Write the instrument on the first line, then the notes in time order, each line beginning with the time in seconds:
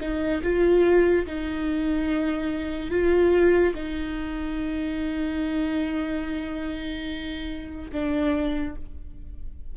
viola
0.00 D#4
0.42 F4
1.26 D#4
2.90 F4
3.74 D#4
7.92 D4